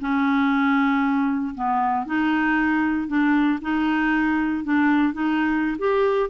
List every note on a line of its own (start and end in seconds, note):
0.00 1.54 C#4
1.54 2.06 B3
2.06 3.07 D#4
3.07 3.59 D4
3.61 4.64 D#4
4.64 5.13 D4
5.13 5.77 D#4
5.78 6.29 G4